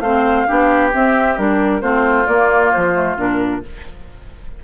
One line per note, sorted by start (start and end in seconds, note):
0.00 0.45 A3
0.00 0.47 C4
0.00 0.48 C5
0.00 0.90 F5
0.47 0.94 B3
0.47 0.92 D4
0.47 1.82 G4
0.93 1.38 C4
0.93 1.38 E5
1.38 1.83 G3
1.38 1.82 D4
1.38 1.82 A#4
1.82 2.27 A3
1.82 2.26 C4
1.82 3.61 F4
1.82 2.26 C5
2.27 2.94 A#3
2.27 2.73 A#3
2.27 2.71 D5
2.73 3.17 F3
2.73 3.17 C5
2.94 3.17 A3
3.17 3.62 A#2
3.17 3.62 D4
3.17 3.65 A#4